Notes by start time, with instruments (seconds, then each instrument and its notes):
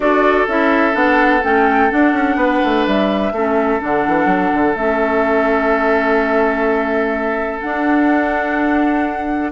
0.00 bassoon D4, clarinet F#4, oboe A4, flute D5
0.48 bassoon C#4, clarinet E4, flute E5
0.92 bassoon B3, clarinet D4, flute F#5
1.43 bassoon A3, clarinet C#4, flute G5
1.89 clarinet D4, bassoon D4, flute F#5
2.13 bassoon C#4
2.35 bassoon B3, oboe B4
2.64 bassoon A3
2.86 bassoon G3, flute E5
3.32 bassoon A3, clarinet C#4, oboe A4
3.79 bassoon D3, clarinet D4, flute F#5
4.07 bassoon E3
4.25 bassoon F#3
4.53 bassoon D3
4.75 bassoon A3, clarinet C#4, flute E5
7.60 clarinet D4, bassoon D4, flute F#5